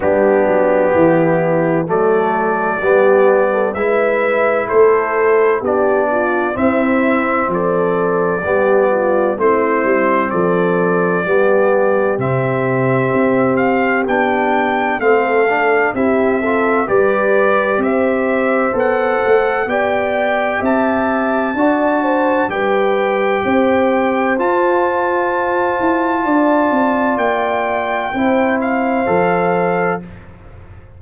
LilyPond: <<
  \new Staff \with { instrumentName = "trumpet" } { \time 4/4 \tempo 4 = 64 g'2 d''2 | e''4 c''4 d''4 e''4 | d''2 c''4 d''4~ | d''4 e''4. f''8 g''4 |
f''4 e''4 d''4 e''4 | fis''4 g''4 a''2 | g''2 a''2~ | a''4 g''4. f''4. | }
  \new Staff \with { instrumentName = "horn" } { \time 4/4 d'4 e'4 a'4 g'8. a'16 | b'4 a'4 g'8 f'8 e'4 | a'4 g'8 f'8 e'4 a'4 | g'1 |
a'4 g'8 a'8 b'4 c''4~ | c''4 d''4 e''4 d''8 c''8 | b'4 c''2. | d''2 c''2 | }
  \new Staff \with { instrumentName = "trombone" } { \time 4/4 b2 a4 b4 | e'2 d'4 c'4~ | c'4 b4 c'2 | b4 c'2 d'4 |
c'8 d'8 e'8 f'8 g'2 | a'4 g'2 fis'4 | g'2 f'2~ | f'2 e'4 a'4 | }
  \new Staff \with { instrumentName = "tuba" } { \time 4/4 g8 fis8 e4 fis4 g4 | gis4 a4 b4 c'4 | f4 g4 a8 g8 f4 | g4 c4 c'4 b4 |
a4 c'4 g4 c'4 | b8 a8 b4 c'4 d'4 | g4 c'4 f'4. e'8 | d'8 c'8 ais4 c'4 f4 | }
>>